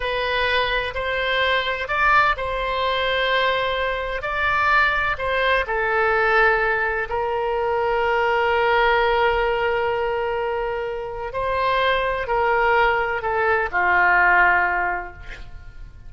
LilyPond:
\new Staff \with { instrumentName = "oboe" } { \time 4/4 \tempo 4 = 127 b'2 c''2 | d''4 c''2.~ | c''4 d''2 c''4 | a'2. ais'4~ |
ais'1~ | ais'1 | c''2 ais'2 | a'4 f'2. | }